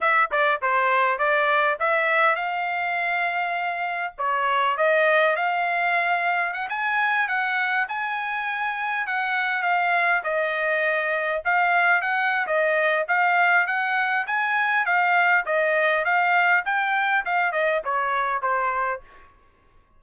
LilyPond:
\new Staff \with { instrumentName = "trumpet" } { \time 4/4 \tempo 4 = 101 e''8 d''8 c''4 d''4 e''4 | f''2. cis''4 | dis''4 f''2 fis''16 gis''8.~ | gis''16 fis''4 gis''2 fis''8.~ |
fis''16 f''4 dis''2 f''8.~ | f''16 fis''8. dis''4 f''4 fis''4 | gis''4 f''4 dis''4 f''4 | g''4 f''8 dis''8 cis''4 c''4 | }